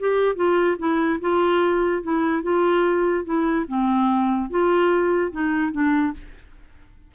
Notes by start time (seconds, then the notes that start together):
0.00 G4
0.36 F4
0.79 E4
1.21 F4
2.03 E4
2.43 F4
3.25 E4
3.68 C4
4.50 F4
5.32 D#4
5.73 D4